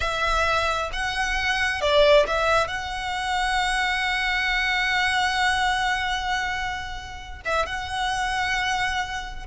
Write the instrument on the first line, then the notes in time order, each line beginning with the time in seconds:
violin
0.00 E5
0.92 F#5
1.81 D5
2.27 E5
2.67 F#5
7.45 E5
7.66 F#5